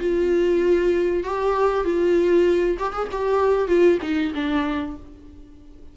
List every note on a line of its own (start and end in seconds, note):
0.00 1.24 F4
1.24 1.84 G4
1.84 2.77 F4
2.79 2.93 G4
2.93 3.09 G#4
3.12 3.68 G4
3.68 3.99 F4
4.02 4.33 D#4
4.35 4.97 D4